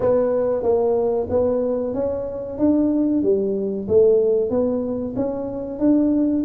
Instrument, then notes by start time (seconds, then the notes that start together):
tuba
0.00 B3
0.62 A#3
1.29 B3
1.94 C#4
2.58 D4
3.23 G3
3.87 A3
4.50 B3
5.16 C#4
5.79 D4